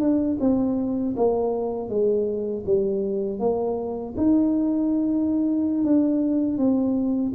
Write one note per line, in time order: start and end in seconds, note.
0.00 0.38 D4
0.41 1.16 C4
1.17 1.89 A#3
1.89 2.64 G#3
2.66 3.40 G3
3.40 4.15 A#3
4.17 5.84 D#4
5.84 6.58 D4
6.58 7.33 C4